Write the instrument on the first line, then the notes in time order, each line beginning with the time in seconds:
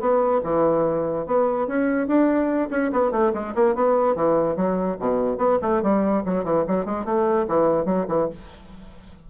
bassoon
0.00 B3
0.43 E3
1.26 B3
1.67 C#4
2.07 D4
2.71 C#4
2.92 B3
3.11 A3
3.34 G#3
3.55 A#3
3.75 B3
4.15 E3
4.56 F#3
5.00 B2
5.38 B3
5.62 A3
5.83 G3
6.25 F#3
6.44 E3
6.68 F#3
6.85 G#3
7.05 A3
7.48 E3
7.85 F#3
8.08 E3